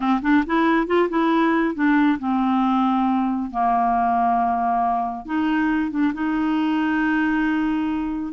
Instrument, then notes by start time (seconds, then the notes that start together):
clarinet
0.00 C4
0.22 D4
0.46 E4
0.86 F4
1.09 E4
1.74 D4
2.19 C4
3.50 A#3
5.25 D#4
5.90 D4
6.13 D#4